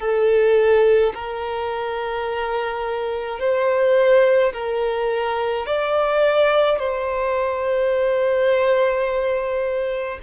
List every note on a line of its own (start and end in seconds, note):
0.00 1.13 A4
1.14 3.40 A#4
3.40 4.53 C5
4.53 5.66 A#4
5.66 6.79 D5
6.79 10.19 C5